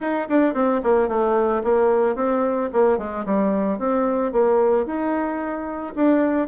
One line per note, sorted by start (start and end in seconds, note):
0.00 0.28 D#4
0.28 0.54 D4
0.54 0.81 C4
0.83 1.08 A#3
1.08 1.62 A3
1.63 2.15 A#3
2.15 2.69 C4
2.72 2.98 A#3
2.98 3.25 G#3
3.25 3.78 G3
3.78 4.32 C4
4.32 4.86 A#3
4.86 5.94 D#4
5.95 6.48 D4